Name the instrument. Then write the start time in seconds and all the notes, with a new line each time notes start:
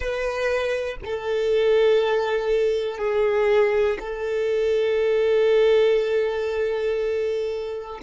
violin
0.00 B4
1.05 A4
2.98 G#4
3.99 A4